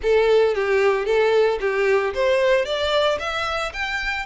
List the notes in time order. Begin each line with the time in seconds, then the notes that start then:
0.02 A4
0.54 G4
1.05 A4
1.60 G4
2.14 C5
2.65 D5
3.19 E5
3.73 G5